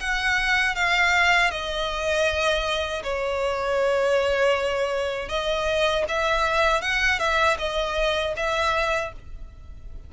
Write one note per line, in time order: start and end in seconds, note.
0.00 0.75 F#5
0.75 1.51 F5
1.51 3.03 D#5
3.03 5.29 C#5
5.29 6.04 D#5
6.08 6.81 E5
6.81 7.19 F#5
7.19 7.57 E5
7.58 8.34 D#5
8.36 9.12 E5